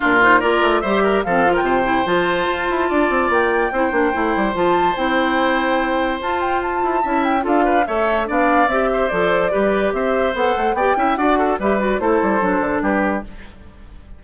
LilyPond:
<<
  \new Staff \with { instrumentName = "flute" } { \time 4/4 \tempo 4 = 145 ais'8 c''8 d''4 e''4 f''8. g''16~ | g''4 a''2. | g''2. a''4 | g''2. a''8 g''8 |
a''4. g''8 f''4 e''4 | f''4 e''4 d''2 | e''4 fis''4 g''4 fis''4 | e''8 d''8 c''2 b'4 | }
  \new Staff \with { instrumentName = "oboe" } { \time 4/4 f'4 ais'4 c''8 ais'8 a'8. ais'16 | c''2. d''4~ | d''4 c''2.~ | c''1~ |
c''4 e''4 a'8 b'8 cis''4 | d''4. c''4. b'4 | c''2 d''8 e''8 d''8 a'8 | b'4 a'2 g'4 | }
  \new Staff \with { instrumentName = "clarinet" } { \time 4/4 d'8 dis'8 f'4 g'4 c'8 f'8~ | f'8 e'8 f'2.~ | f'4 e'8 d'8 e'4 f'4 | e'2. f'4~ |
f'4 e'4 f'4 a'4 | d'4 g'4 a'4 g'4~ | g'4 a'4 g'8 e'8 fis'4 | g'8 fis'8 e'4 d'2 | }
  \new Staff \with { instrumentName = "bassoon" } { \time 4/4 ais,4 ais8 a8 g4 f4 | c4 f4 f'8 e'8 d'8 c'8 | ais4 c'8 ais8 a8 g8 f4 | c'2. f'4~ |
f'8 e'8 cis'4 d'4 a4 | b4 c'4 f4 g4 | c'4 b8 a8 b8 cis'8 d'4 | g4 a8 g8 fis8 d8 g4 | }
>>